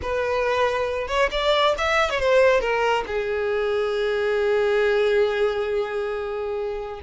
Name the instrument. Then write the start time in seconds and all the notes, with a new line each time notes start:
violin
0.02 B4
1.07 C#5
1.31 D5
1.78 E5
2.09 C#5
2.19 C5
2.60 A#4
3.06 G#4